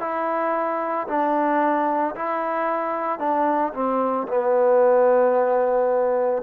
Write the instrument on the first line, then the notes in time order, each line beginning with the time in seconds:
trombone
0.00 E4
1.07 D4
2.15 E4
3.19 D4
3.74 C4
4.28 B3